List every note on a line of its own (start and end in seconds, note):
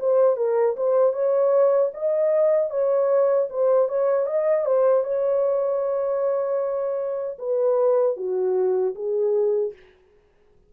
0.00 0.37 C5
0.37 0.76 A#4
0.77 1.14 C5
1.14 1.92 C#5
1.94 2.71 D#5
2.71 3.49 C#5
3.50 3.89 C5
3.89 4.27 C#5
4.27 4.66 D#5
4.66 5.04 C5
5.04 7.38 C#5
7.39 8.17 B4
8.17 8.95 F#4
8.95 9.73 G#4